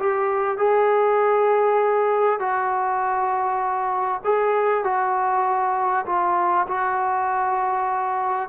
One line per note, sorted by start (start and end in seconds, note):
0.00 0.58 G4
0.58 2.40 G#4
2.40 4.22 F#4
4.25 4.84 G#4
4.84 6.06 F#4
6.07 6.67 F4
6.68 8.50 F#4